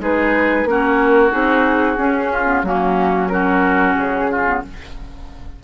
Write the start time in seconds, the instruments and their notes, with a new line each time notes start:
0.00 bassoon G#3, clarinet D#4, oboe G#4, flute B4
0.65 bassoon A#3, clarinet C#4, oboe F#4, flute A#4
1.31 bassoon C4, clarinet D#4, flute G#4
1.97 clarinet C#4, bassoon C#4
2.32 oboe F4
2.46 clarinet B3
2.63 bassoon F#3, clarinet A#3, oboe C#4, flute F#4
3.28 clarinet C#4, oboe F#4, flute A#4
3.96 bassoon C#3, flute G#4
4.31 oboe F4
4.46 clarinet B3